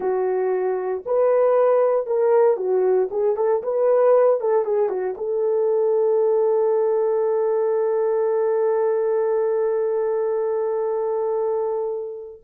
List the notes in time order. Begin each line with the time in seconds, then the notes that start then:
0.00 F#4
1.05 B4
2.06 A#4
2.57 F#4
3.10 G#4
3.36 A4
3.63 B4
4.40 A4
4.64 G#4
4.89 F#4
5.17 A4